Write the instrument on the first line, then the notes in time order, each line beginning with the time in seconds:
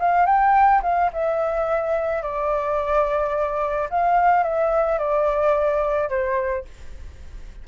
flute
0.00 F5
0.26 G5
0.83 F5
1.13 E5
2.23 D5
3.90 F5
4.44 E5
4.99 D5
6.10 C5